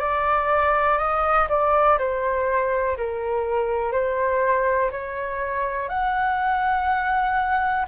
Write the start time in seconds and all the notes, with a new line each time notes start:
0.00 D5
0.98 D#5
1.49 D5
1.99 C5
2.98 A#4
3.93 C5
4.92 C#5
5.89 F#5